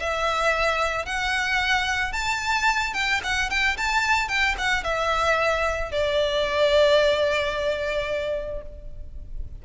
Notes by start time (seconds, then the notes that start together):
0.00 E5
1.06 F#5
2.13 A5
2.94 G5
3.24 F#5
3.50 G5
3.78 A5
4.29 G5
4.58 F#5
4.84 E5
5.92 D5